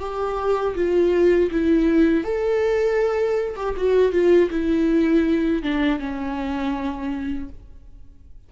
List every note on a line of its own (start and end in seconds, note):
0.00 0.75 G4
0.75 1.50 F4
1.52 2.24 E4
2.24 3.56 A4
3.56 3.75 G4
3.77 4.12 F#4
4.12 4.50 F4
4.51 5.63 E4
5.63 5.99 D4
5.99 7.49 C#4